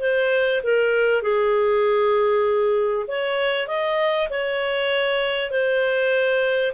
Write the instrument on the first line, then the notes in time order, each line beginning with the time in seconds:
clarinet
0.00 C5
0.63 A#4
1.22 G#4
3.07 C#5
3.67 D#5
4.30 C#5
5.50 C5